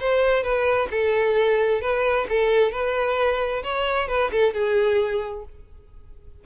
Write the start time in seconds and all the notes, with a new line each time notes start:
0.00 C5
0.43 B4
0.91 A4
1.81 B4
2.29 A4
2.72 B4
3.63 C#5
4.08 B4
4.32 A4
4.54 G#4